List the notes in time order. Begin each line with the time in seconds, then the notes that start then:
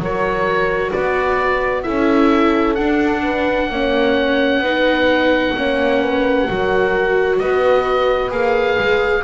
0.00 F#3 F#4 A#4 C#5
0.91 B3 B4 D5
1.83 C#4 E4 A4 E5
2.75 D4 F#5
3.23 B4
3.70 A#3 C#4 C#5
4.59 B3 D#4 B4
5.56 A#3 C#4 C#5
6.02 B4
6.48 F#3 F#4 A#4
7.39 B3 B4 D#5
8.30 A#3 G#4 F5
8.79 G#3